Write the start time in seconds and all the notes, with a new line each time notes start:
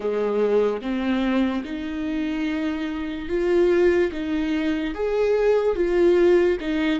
0.00 G#3
0.81 C4
1.64 D#4
3.29 F4
4.11 D#4
4.94 G#4
5.75 F4
6.60 D#4